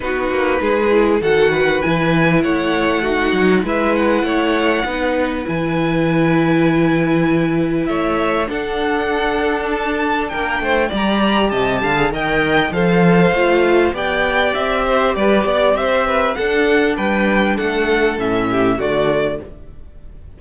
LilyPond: <<
  \new Staff \with { instrumentName = "violin" } { \time 4/4 \tempo 4 = 99 b'2 fis''4 gis''4 | fis''2 e''8 fis''4.~ | fis''4 gis''2.~ | gis''4 e''4 fis''2 |
a''4 g''4 ais''4 a''4 | g''4 f''2 g''4 | e''4 d''4 e''4 fis''4 | g''4 fis''4 e''4 d''4 | }
  \new Staff \with { instrumentName = "violin" } { \time 4/4 fis'4 gis'4 a'8 b'4. | cis''4 fis'4 b'4 cis''4 | b'1~ | b'4 cis''4 a'2~ |
a'4 ais'8 c''8 d''4 dis''8 f''8 | dis''4 c''2 d''4~ | d''8 c''8 b'8 d''8 c''8 b'8 a'4 | b'4 a'4. g'8 fis'4 | }
  \new Staff \with { instrumentName = "viola" } { \time 4/4 dis'4. e'8 fis'4 e'4~ | e'4 dis'4 e'2 | dis'4 e'2.~ | e'2 d'2~ |
d'2 g'4.~ g'16 gis'16 | ais'4 a'4 f'4 g'4~ | g'2. d'4~ | d'2 cis'4 a4 | }
  \new Staff \with { instrumentName = "cello" } { \time 4/4 b8 ais8 gis4 dis4 e4 | a4. fis8 gis4 a4 | b4 e2.~ | e4 a4 d'2~ |
d'4 ais8 a8 g4 c8 d8 | dis4 f4 a4 b4 | c'4 g8 b8 c'4 d'4 | g4 a4 a,4 d4 | }
>>